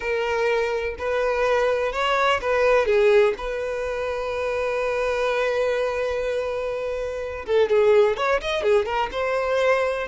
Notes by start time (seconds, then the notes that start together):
0.00 A#4
0.98 B4
1.92 C#5
2.41 B4
2.85 G#4
3.37 B4
7.45 A4
7.69 G#4
8.16 C#5
8.41 D#5
8.63 G#4
8.85 A#4
9.11 C5